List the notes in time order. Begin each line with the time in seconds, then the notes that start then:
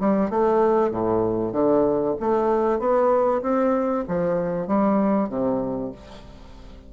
0.00 G3
0.30 A3
0.91 A2
1.52 D3
2.20 A3
2.79 B3
3.42 C4
4.08 F3
4.67 G3
5.29 C3